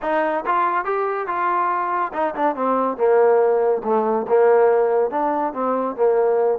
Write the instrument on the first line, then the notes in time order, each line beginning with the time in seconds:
trombone
0.01 D#4
0.46 F4
0.84 G4
1.27 F4
2.13 D#4
2.34 D4
2.55 C4
2.97 A#3
3.84 A3
4.28 A#3
5.10 D4
5.53 C4
5.96 A#3